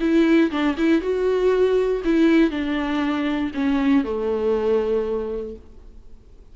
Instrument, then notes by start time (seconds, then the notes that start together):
viola
0.00 E4
0.51 D4
0.77 E4
1.01 F#4
2.04 E4
2.50 D4
3.54 C#4
4.04 A3